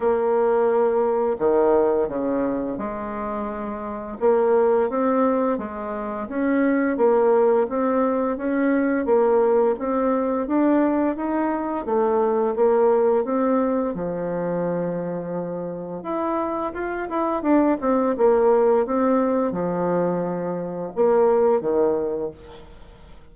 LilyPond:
\new Staff \with { instrumentName = "bassoon" } { \time 4/4 \tempo 4 = 86 ais2 dis4 cis4 | gis2 ais4 c'4 | gis4 cis'4 ais4 c'4 | cis'4 ais4 c'4 d'4 |
dis'4 a4 ais4 c'4 | f2. e'4 | f'8 e'8 d'8 c'8 ais4 c'4 | f2 ais4 dis4 | }